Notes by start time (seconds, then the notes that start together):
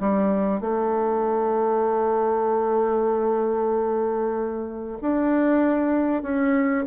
0.00 G3
0.61 A3
5.01 D4
6.22 C#4